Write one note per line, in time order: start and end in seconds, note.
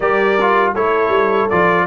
0.00 0.74 G3
0.00 0.38 G4
0.00 0.75 A#4
0.00 0.73 D5
0.40 0.75 F4
0.74 1.09 A3
0.74 1.50 E4
0.74 1.86 A4
0.74 1.49 C#5
1.09 1.46 G3
1.49 1.86 F3
1.49 1.86 F4
1.49 1.86 D5